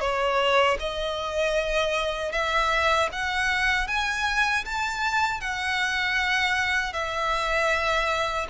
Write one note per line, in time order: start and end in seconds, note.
0.00 0.77 C#5
0.79 2.32 D#5
2.32 3.09 E5
3.12 3.87 F#5
3.87 4.64 G#5
4.65 5.40 A5
5.40 6.93 F#5
6.93 8.47 E5